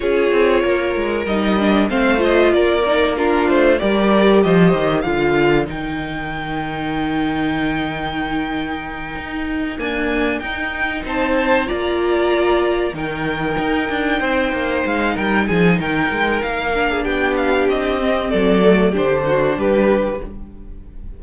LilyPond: <<
  \new Staff \with { instrumentName = "violin" } { \time 4/4 \tempo 4 = 95 cis''2 dis''4 f''8 dis''8 | d''4 ais'8 c''8 d''4 dis''4 | f''4 g''2.~ | g''2.~ g''8 gis''8~ |
gis''8 g''4 a''4 ais''4.~ | ais''8 g''2. f''8 | g''8 gis''8 g''4 f''4 g''8 f''8 | dis''4 d''4 c''4 b'4 | }
  \new Staff \with { instrumentName = "violin" } { \time 4/4 gis'4 ais'2 c''4 | ais'4 f'4 ais'4 c''4 | ais'1~ | ais'1~ |
ais'4. c''4 d''4.~ | d''8 ais'2 c''4. | ais'8 gis'8 ais'4.~ ais'16 gis'16 g'4~ | g'4 a'4 g'8 fis'8 g'4 | }
  \new Staff \with { instrumentName = "viola" } { \time 4/4 f'2 dis'8 d'8 c'8 f'8~ | f'8 dis'8 d'4 g'2 | f'4 dis'2.~ | dis'2.~ dis'8 ais8~ |
ais8 dis'2 f'4.~ | f'8 dis'2.~ dis'8~ | dis'2~ dis'8 d'4.~ | d'8 c'4 a8 d'2 | }
  \new Staff \with { instrumentName = "cello" } { \time 4/4 cis'8 c'8 ais8 gis8 g4 a4 | ais4. a8 g4 f8 dis8 | d4 dis2.~ | dis2~ dis8 dis'4 d'8~ |
d'8 dis'4 c'4 ais4.~ | ais8 dis4 dis'8 d'8 c'8 ais8 gis8 | g8 f8 dis8 gis8 ais4 b4 | c'4 fis4 d4 g4 | }
>>